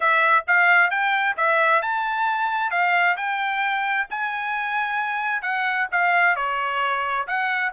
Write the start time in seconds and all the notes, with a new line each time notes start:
0.00 E5
0.47 F5
0.90 G5
1.36 E5
1.82 A5
2.70 F5
3.17 G5
4.10 G#5
5.42 F#5
5.91 F5
6.36 C#5
7.27 F#5